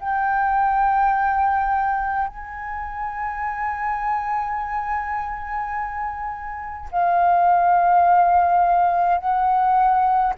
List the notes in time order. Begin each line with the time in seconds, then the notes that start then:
0.00 G5
2.28 G#5
6.92 F5
9.18 F#5